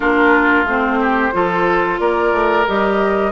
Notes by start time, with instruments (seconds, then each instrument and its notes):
0.00 bassoon A#3, clarinet D4, oboe F4, flute A#4
0.64 bassoon A3, clarinet C4, flute C5
1.00 oboe G4
1.32 bassoon F3, clarinet F4, oboe A4
1.99 bassoon A#3, oboe A#4, flute D5
2.32 bassoon A3
2.67 bassoon G3, clarinet G4, flute D#5